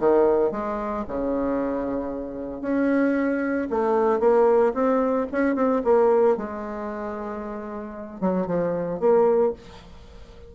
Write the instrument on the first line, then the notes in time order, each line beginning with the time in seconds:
bassoon
0.00 D#3
0.52 G#3
1.08 C#3
2.62 C#4
3.71 A3
4.20 A#3
4.74 C4
5.32 C#4
5.56 C4
5.85 A#3
6.38 G#3
8.21 F#3
8.47 F3
9.00 A#3